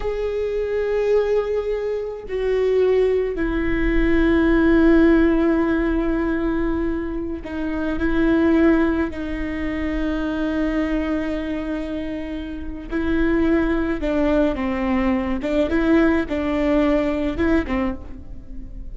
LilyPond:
\new Staff \with { instrumentName = "viola" } { \time 4/4 \tempo 4 = 107 gis'1 | fis'2 e'2~ | e'1~ | e'4~ e'16 dis'4 e'4.~ e'16~ |
e'16 dis'2.~ dis'8.~ | dis'2. e'4~ | e'4 d'4 c'4. d'8 | e'4 d'2 e'8 c'8 | }